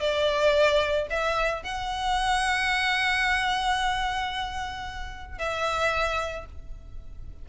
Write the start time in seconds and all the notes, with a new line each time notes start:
0.00 D5
1.10 E5
1.63 F#5
5.39 E5